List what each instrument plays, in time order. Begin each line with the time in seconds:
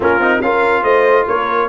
0.00 tuba A#3, trombone C#4, horn F4, trumpet A#4
0.19 tuba C4, trombone D#4
0.41 tuba C#4, trombone F4, horn A#4, trumpet F5
0.83 tuba A3, horn C5, trumpet D#5
1.27 tuba A#3, horn A#4, trumpet C#5